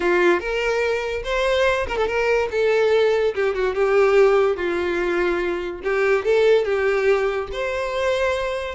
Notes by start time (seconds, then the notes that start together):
0.00 F4
0.40 A#4
1.24 C5
1.87 A#4
1.97 A4
2.07 A#4
2.51 A4
3.34 G4
3.54 F#4
3.74 G4
4.56 F4
5.83 G4
6.24 A4
6.65 G4
7.52 C5